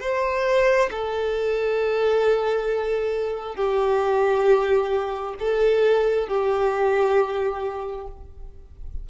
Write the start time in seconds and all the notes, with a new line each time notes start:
0.00 C5
0.91 A4
3.55 G4
5.39 A4
6.28 G4